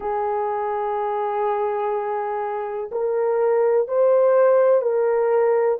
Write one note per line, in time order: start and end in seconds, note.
0.00 2.90 G#4
2.91 3.88 A#4
3.88 4.81 C5
4.81 5.78 A#4